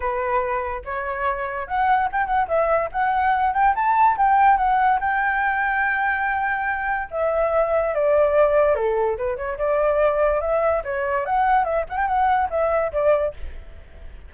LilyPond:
\new Staff \with { instrumentName = "flute" } { \time 4/4 \tempo 4 = 144 b'2 cis''2 | fis''4 g''8 fis''8 e''4 fis''4~ | fis''8 g''8 a''4 g''4 fis''4 | g''1~ |
g''4 e''2 d''4~ | d''4 a'4 b'8 cis''8 d''4~ | d''4 e''4 cis''4 fis''4 | e''8 fis''16 g''16 fis''4 e''4 d''4 | }